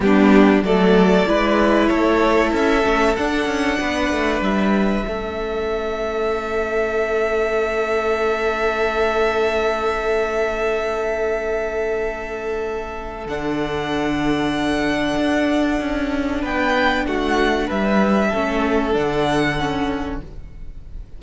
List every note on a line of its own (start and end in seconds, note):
0.00 0.62 G3
0.00 0.63 B3
0.00 0.65 D4
0.00 0.64 G4
0.62 1.25 F#3
0.62 1.26 A3
0.62 1.28 A4
0.62 1.87 D5
1.26 1.89 G#3
1.26 2.83 E4
1.26 1.89 B4
1.87 2.52 A3
1.87 3.79 A4
1.87 2.50 C#5
2.52 2.84 C#4
2.52 3.16 E5
2.83 3.16 A3
2.83 3.14 C#4
3.16 5.03 D4
3.16 3.46 D4
3.16 4.42 F#5
3.46 3.77 C#4
3.79 4.11 B3
3.79 5.06 B4
4.11 4.40 A3
4.40 5.04 G3
4.40 13.27 E5
5.03 13.25 A3
5.03 13.24 C#4
5.03 16.41 A4
13.25 15.15 D3
13.25 18.33 D4
13.25 16.43 F#5
15.16 15.79 D4
15.80 16.43 C#4
16.41 17.06 B3
16.41 17.04 B4
16.41 17.06 G5
17.06 17.69 A3
17.06 17.66 F#4
17.06 17.69 F#5
17.66 18.33 G3
17.66 18.27 B4
17.66 18.94 E5
18.27 18.92 C#4
18.27 20.17 A4
18.33 18.95 A3
18.92 20.21 D3
18.92 19.55 D4
18.92 20.21 F#5
19.59 20.22 C#4